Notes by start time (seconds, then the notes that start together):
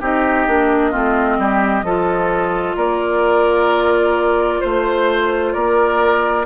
0.00 C4 D#4 G4 D#5
0.47 A#3 D4
0.91 A3 C4 F4
1.38 G3 G4
1.83 F3 F4 A4
2.76 A#3 A#4 D5
4.60 A3 C5
5.52 A#3 A#4 D5